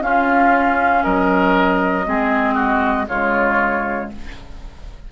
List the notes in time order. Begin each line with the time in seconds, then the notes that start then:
0.00 C#4 F4 F5
1.03 F#3 A#4 D#5
2.04 G#3 C4 G#4
2.54 F#4
3.07 C#3 G#3 F4 C#5